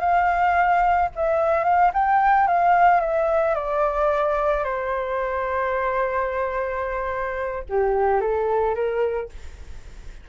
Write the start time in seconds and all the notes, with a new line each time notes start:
0.00 F5
1.15 E5
1.64 F5
1.93 G5
2.47 F5
3.00 E5
3.55 D5
4.64 C5
7.69 G4
8.21 A4
8.75 A#4